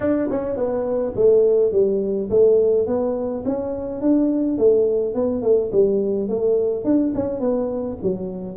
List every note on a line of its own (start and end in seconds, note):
0.00 0.29 D4
0.30 0.56 C#4
0.56 1.13 B3
1.15 1.71 A3
1.71 2.29 G3
2.30 2.86 A3
2.86 3.44 B3
3.45 4.01 C#4
4.01 4.58 D4
4.58 5.14 A3
5.14 5.42 B3
5.42 5.70 A3
5.71 6.28 G3
6.28 6.84 A3
6.84 7.12 D4
7.15 7.40 C#4
7.40 7.97 B3
8.02 8.56 F#3